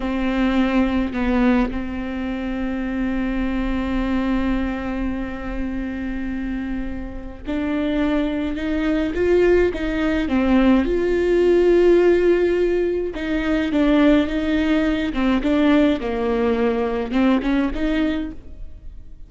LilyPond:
\new Staff \with { instrumentName = "viola" } { \time 4/4 \tempo 4 = 105 c'2 b4 c'4~ | c'1~ | c'1~ | c'4 d'2 dis'4 |
f'4 dis'4 c'4 f'4~ | f'2. dis'4 | d'4 dis'4. c'8 d'4 | ais2 c'8 cis'8 dis'4 | }